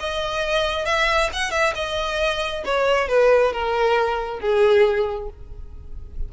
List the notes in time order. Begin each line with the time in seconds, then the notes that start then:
0.00 D#5
0.86 E5
1.34 F#5
1.52 E5
1.75 D#5
2.65 C#5
3.09 B4
3.53 A#4
4.40 G#4